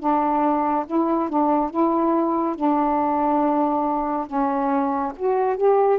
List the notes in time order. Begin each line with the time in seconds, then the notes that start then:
0.00 D4
0.86 E4
1.30 D4
1.71 E4
2.56 D4
4.27 C#4
5.17 F#4
5.57 G4